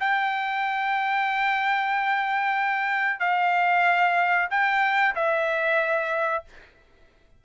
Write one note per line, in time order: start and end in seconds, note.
0.00 3.20 G5
3.20 4.49 F5
4.50 5.15 G5
5.16 6.45 E5